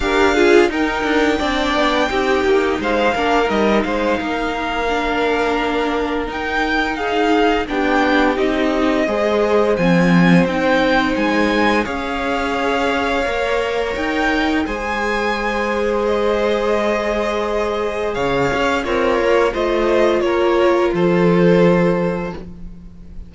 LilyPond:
<<
  \new Staff \with { instrumentName = "violin" } { \time 4/4 \tempo 4 = 86 f''4 g''2. | f''4 dis''8 f''2~ f''8~ | f''4 g''4 f''4 g''4 | dis''2 gis''4 g''4 |
gis''4 f''2. | g''4 gis''2 dis''4~ | dis''2 f''4 cis''4 | dis''4 cis''4 c''2 | }
  \new Staff \with { instrumentName = "violin" } { \time 4/4 ais'8 gis'8 ais'4 d''4 g'4 | c''8 ais'4 c''8 ais'2~ | ais'2 gis'4 g'4~ | g'4 c''2.~ |
c''4 cis''2.~ | cis''4 c''2.~ | c''2 cis''4 f'4 | c''4 ais'4 a'2 | }
  \new Staff \with { instrumentName = "viola" } { \time 4/4 g'8 f'8 dis'4 d'4 dis'4~ | dis'8 d'8 dis'2 d'4~ | d'4 dis'2 d'4 | dis'4 gis'4 c'4 dis'4~ |
dis'4 gis'2 ais'4~ | ais'4 gis'2.~ | gis'2. ais'4 | f'1 | }
  \new Staff \with { instrumentName = "cello" } { \time 4/4 d'4 dis'8 d'8 c'8 b8 c'8 ais8 | gis8 ais8 g8 gis8 ais2~ | ais4 dis'2 b4 | c'4 gis4 f4 c'4 |
gis4 cis'2 ais4 | dis'4 gis2.~ | gis2 cis8 cis'8 c'8 ais8 | a4 ais4 f2 | }
>>